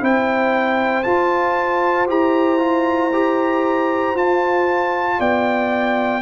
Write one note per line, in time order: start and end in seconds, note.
0.00 1.04 C4
0.00 1.03 E4
0.00 5.18 C5
0.00 1.03 G5
1.03 2.07 F4
1.03 2.09 F4
1.03 2.06 A5
2.07 4.14 E4
2.07 2.58 G4
2.07 4.17 A#5
2.58 3.10 F4
3.12 4.16 G4
4.14 5.18 F4
4.14 6.21 F4
4.14 5.20 A5
5.18 6.21 B3
5.18 6.21 D5
5.18 6.21 G5